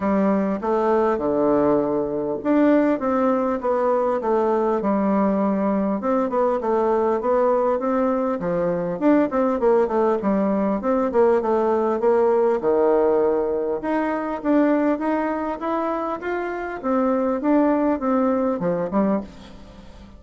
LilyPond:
\new Staff \with { instrumentName = "bassoon" } { \time 4/4 \tempo 4 = 100 g4 a4 d2 | d'4 c'4 b4 a4 | g2 c'8 b8 a4 | b4 c'4 f4 d'8 c'8 |
ais8 a8 g4 c'8 ais8 a4 | ais4 dis2 dis'4 | d'4 dis'4 e'4 f'4 | c'4 d'4 c'4 f8 g8 | }